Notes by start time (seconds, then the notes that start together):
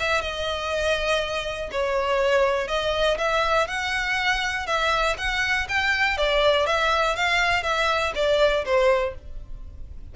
0.00 E5
0.22 D#5
1.72 C#5
2.68 D#5
3.18 E5
3.68 F#5
4.67 E5
5.18 F#5
5.69 G5
6.18 D5
6.66 E5
7.16 F5
7.63 E5
8.15 D5
8.65 C5